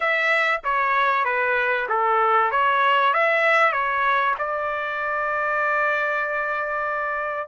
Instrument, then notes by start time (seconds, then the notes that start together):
trumpet
0.00 E5
0.64 C#5
1.24 B4
1.89 A4
2.51 C#5
3.13 E5
3.72 C#5
4.38 D5